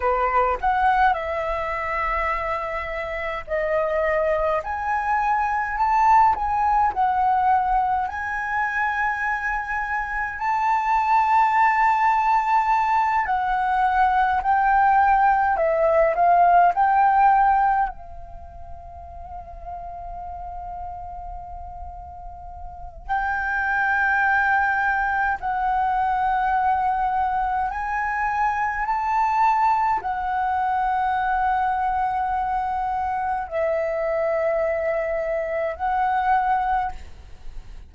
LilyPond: \new Staff \with { instrumentName = "flute" } { \time 4/4 \tempo 4 = 52 b'8 fis''8 e''2 dis''4 | gis''4 a''8 gis''8 fis''4 gis''4~ | gis''4 a''2~ a''8 fis''8~ | fis''8 g''4 e''8 f''8 g''4 f''8~ |
f''1 | g''2 fis''2 | gis''4 a''4 fis''2~ | fis''4 e''2 fis''4 | }